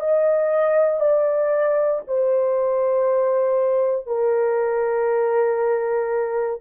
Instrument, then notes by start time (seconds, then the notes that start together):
horn
0.00 D#5
1.00 D5
2.07 C5
4.06 A#4